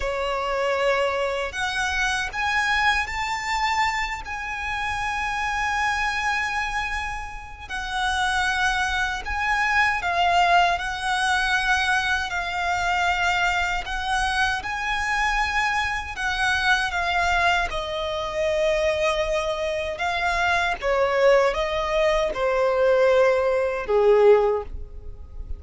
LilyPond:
\new Staff \with { instrumentName = "violin" } { \time 4/4 \tempo 4 = 78 cis''2 fis''4 gis''4 | a''4. gis''2~ gis''8~ | gis''2 fis''2 | gis''4 f''4 fis''2 |
f''2 fis''4 gis''4~ | gis''4 fis''4 f''4 dis''4~ | dis''2 f''4 cis''4 | dis''4 c''2 gis'4 | }